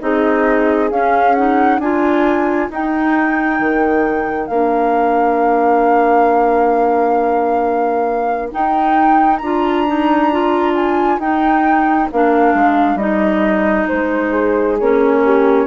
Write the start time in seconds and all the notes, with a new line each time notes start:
0.00 C4 D#4 G#4 D#5
0.91 C#4 F5
1.35 D#4 F#5
1.79 D4 F4 A#4 G#5
2.70 D#4 G5
3.60 D#3
4.47 A#3 D4 F5
8.52 D#4 G5
9.38 D4 F4 A#5
9.87 D#4
10.32 F4
10.75 G#5
11.18 D#4 G5
12.12 A#3 D4 F5
12.54 G#3
12.96 G3 D#4 D#5
13.88 G#3 C5
14.30 G#4
14.79 A#3 C#4 C#5
15.24 G4